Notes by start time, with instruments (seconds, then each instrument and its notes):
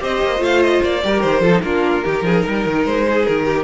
0.00 cello C4, viola G4, violin C5 D#5
0.22 cello A#3
0.37 cello A3, viola F4
0.44 violin F5
0.62 violin D#5
0.83 cello A#3, violin D5
1.03 cello G3, viola G4, violin A#4
1.21 cello D#3, violin C5
1.41 cello F3, viola F4, violin A4
1.53 viola D#4
1.62 cello A#3, viola D4, violin F4 A#4
2.04 cello D#3, viola D#4, violin G4
2.23 cello F3, violin G#4
2.45 cello G3, violin A#4
2.66 cello D#3
2.85 cello G#3, violin C5
3.08 violin G#4
3.26 cello D#3, violin A#4
3.46 violin G4